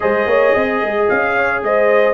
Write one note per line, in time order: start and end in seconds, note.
0.00 0.26 G#3
0.00 2.13 G#4
0.00 0.28 C5
0.00 1.07 D#5
0.26 0.53 A#3
0.26 0.54 C#5
0.54 0.82 C4
0.54 1.35 D#5
0.82 1.09 G#3
1.09 1.62 C#4
1.09 1.63 F5
1.36 1.63 C#5
1.62 2.13 G#3
1.62 2.13 C5
1.62 2.13 D#5